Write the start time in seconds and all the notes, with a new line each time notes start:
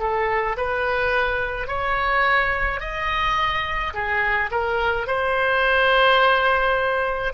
0.00 A4
0.58 B4
1.68 C#5
2.80 D#5
3.94 G#4
4.51 A#4
5.07 C5